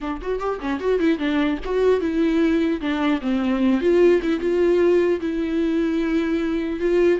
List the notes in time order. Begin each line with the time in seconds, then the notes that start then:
0.01 D4
0.21 F#4
0.39 G4
0.59 C#4
0.80 F#4
0.99 E4
1.18 D4
1.65 F#4
2.00 E4
2.80 D4
3.21 C4
3.80 F4
4.22 E4
4.39 F4
5.20 E4
6.80 F4